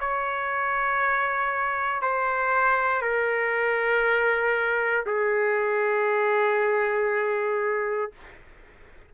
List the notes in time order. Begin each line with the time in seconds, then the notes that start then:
0.00 C#5
2.01 C5
3.01 A#4
5.06 G#4